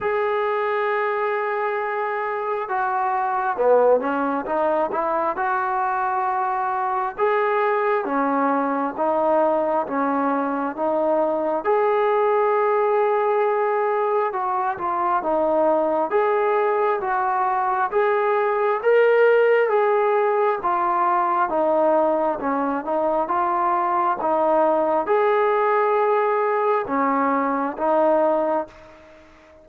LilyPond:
\new Staff \with { instrumentName = "trombone" } { \time 4/4 \tempo 4 = 67 gis'2. fis'4 | b8 cis'8 dis'8 e'8 fis'2 | gis'4 cis'4 dis'4 cis'4 | dis'4 gis'2. |
fis'8 f'8 dis'4 gis'4 fis'4 | gis'4 ais'4 gis'4 f'4 | dis'4 cis'8 dis'8 f'4 dis'4 | gis'2 cis'4 dis'4 | }